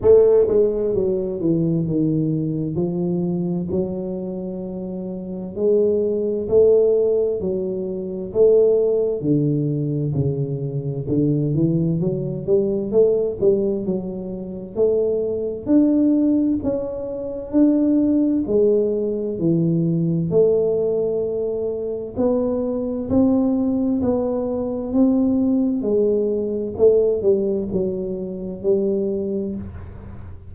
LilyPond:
\new Staff \with { instrumentName = "tuba" } { \time 4/4 \tempo 4 = 65 a8 gis8 fis8 e8 dis4 f4 | fis2 gis4 a4 | fis4 a4 d4 cis4 | d8 e8 fis8 g8 a8 g8 fis4 |
a4 d'4 cis'4 d'4 | gis4 e4 a2 | b4 c'4 b4 c'4 | gis4 a8 g8 fis4 g4 | }